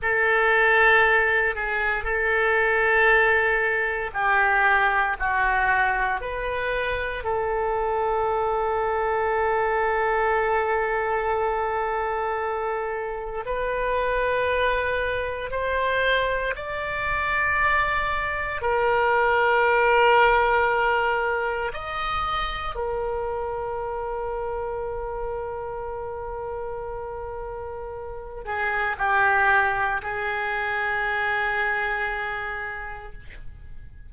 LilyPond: \new Staff \with { instrumentName = "oboe" } { \time 4/4 \tempo 4 = 58 a'4. gis'8 a'2 | g'4 fis'4 b'4 a'4~ | a'1~ | a'4 b'2 c''4 |
d''2 ais'2~ | ais'4 dis''4 ais'2~ | ais'2.~ ais'8 gis'8 | g'4 gis'2. | }